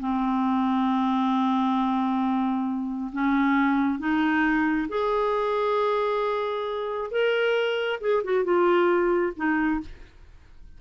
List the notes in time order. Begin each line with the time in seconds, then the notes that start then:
0.00 C4
3.13 C#4
3.99 D#4
4.89 G#4
7.11 A#4
8.01 G#4
8.24 F#4
8.44 F4
9.37 D#4